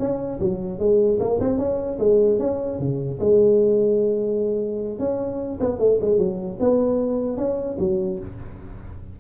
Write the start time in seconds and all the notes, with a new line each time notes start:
0.00 C#4
0.40 F#3
0.79 G#3
1.20 A#3
1.41 C4
1.59 C#4
1.99 G#3
2.39 C#4
2.79 C#3
3.20 G#3
5.00 C#4
5.61 B3
5.79 A3
6.01 G#3
6.19 F#3
6.60 B3
7.38 C#4
7.80 F#3